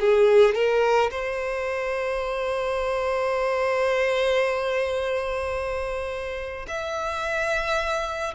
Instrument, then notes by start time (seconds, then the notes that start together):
violin
0.00 G#4
0.55 A#4
1.11 C5
6.68 E5